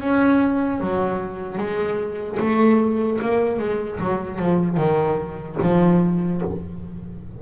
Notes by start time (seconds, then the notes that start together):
0.00 C#4
0.80 F#3
1.58 G#3
2.39 A3
3.21 A#3
3.59 G#3
3.99 F#3
4.39 F3
4.77 D#3
5.61 F3